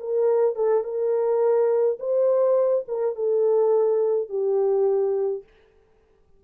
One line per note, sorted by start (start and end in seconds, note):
0.00 0.56 A#4
0.56 0.84 A4
0.84 1.98 A#4
1.99 2.85 C5
2.88 3.16 A#4
3.16 4.29 A4
4.29 5.43 G4